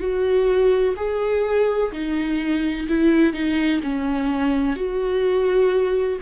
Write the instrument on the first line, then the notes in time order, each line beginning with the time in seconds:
viola
0.00 F#4
0.97 G#4
1.92 D#4
2.89 E4
3.34 D#4
3.83 C#4
4.76 F#4